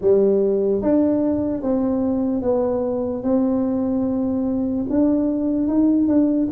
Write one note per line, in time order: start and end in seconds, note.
0.01 0.82 G3
0.82 1.62 D4
1.62 2.41 C4
2.41 3.22 B3
3.23 4.85 C4
4.89 5.67 D4
5.67 6.08 D#4
6.08 6.48 D4